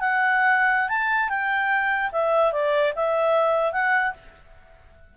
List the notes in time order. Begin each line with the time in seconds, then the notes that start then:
0.00 F#5
0.89 A5
1.29 G5
2.12 E5
2.53 D5
2.96 E5
3.73 F#5